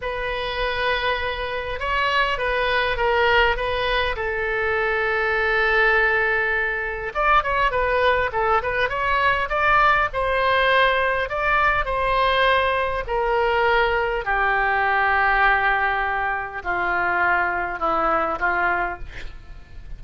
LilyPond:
\new Staff \with { instrumentName = "oboe" } { \time 4/4 \tempo 4 = 101 b'2. cis''4 | b'4 ais'4 b'4 a'4~ | a'1 | d''8 cis''8 b'4 a'8 b'8 cis''4 |
d''4 c''2 d''4 | c''2 ais'2 | g'1 | f'2 e'4 f'4 | }